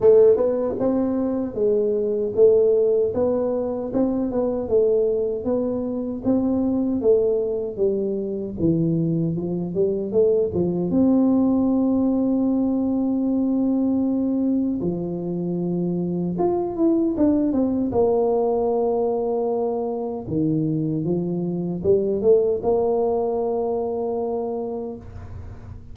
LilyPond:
\new Staff \with { instrumentName = "tuba" } { \time 4/4 \tempo 4 = 77 a8 b8 c'4 gis4 a4 | b4 c'8 b8 a4 b4 | c'4 a4 g4 e4 | f8 g8 a8 f8 c'2~ |
c'2. f4~ | f4 f'8 e'8 d'8 c'8 ais4~ | ais2 dis4 f4 | g8 a8 ais2. | }